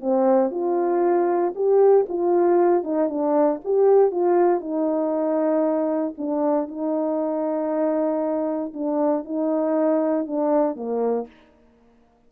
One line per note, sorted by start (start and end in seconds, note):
0.00 0.51 C4
0.51 1.53 F4
1.55 2.06 G4
2.09 2.83 F4
2.83 3.09 D#4
3.09 3.60 D4
3.64 4.11 G4
4.11 4.60 F4
4.60 6.14 D#4
6.17 6.68 D4
6.68 8.73 D#4
8.73 9.24 D4
9.24 10.27 D#4
10.27 10.76 D4
10.76 11.27 A#3